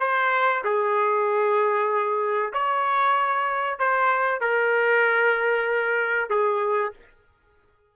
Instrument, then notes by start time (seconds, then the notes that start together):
trumpet
0.00 C5
0.64 G#4
2.53 C#5
3.79 C5
4.41 A#4
6.30 G#4